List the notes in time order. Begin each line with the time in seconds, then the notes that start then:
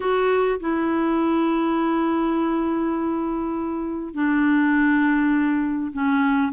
0.00 F#4
0.60 E4
4.14 D4
5.92 C#4